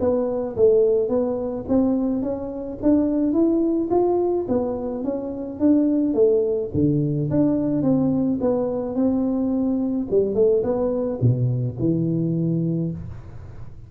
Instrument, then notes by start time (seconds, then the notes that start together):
tuba
0.00 B3
0.56 A3
1.09 B3
1.68 C4
2.22 C#4
2.82 D4
3.33 E4
3.90 F4
4.48 B3
5.04 C#4
5.59 D4
6.14 A3
6.74 D3
7.30 D4
7.82 C4
8.41 B3
8.95 C4
10.10 G3
10.35 A3
10.63 B3
11.21 B2
11.79 E3